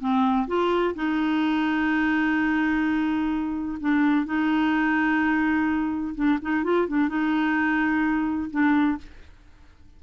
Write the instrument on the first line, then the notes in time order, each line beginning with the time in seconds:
clarinet
0.00 C4
0.47 F4
0.95 D#4
3.81 D4
4.26 D#4
6.15 D4
6.42 D#4
6.64 F4
6.88 D4
7.09 D#4
8.51 D4